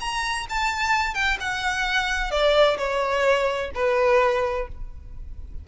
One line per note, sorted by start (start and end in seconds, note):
0.00 0.47 A#5
0.49 1.14 A5
1.14 1.37 G5
1.40 2.31 F#5
2.31 2.77 D5
2.78 3.71 C#5
3.75 4.68 B4